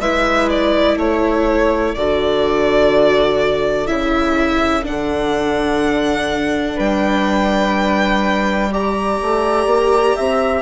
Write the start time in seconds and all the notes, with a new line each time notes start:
0.00 G#3 E4 B4 E5
0.49 D5
0.96 A3 A4 C#5
1.95 D3 F#4 D5
3.87 C#3 E4 E5
4.83 D3 D4 F#5
6.75 G3 B4 G5
8.72 G4 D5 A#5
9.22 A3
9.67 A#3
10.17 C4 E5